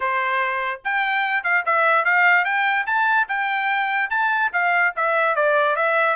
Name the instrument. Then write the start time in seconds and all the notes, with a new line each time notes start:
trumpet
0.00 C5
0.84 G5
1.43 F5
1.65 E5
2.04 F5
2.45 G5
2.86 A5
3.28 G5
4.10 A5
4.53 F5
4.95 E5
5.35 D5
5.76 E5